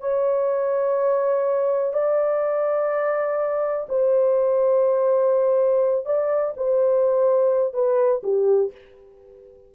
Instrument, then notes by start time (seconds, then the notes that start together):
horn
0.00 C#5
1.93 D5
3.89 C5
6.05 D5
6.57 C5
7.74 B4
8.23 G4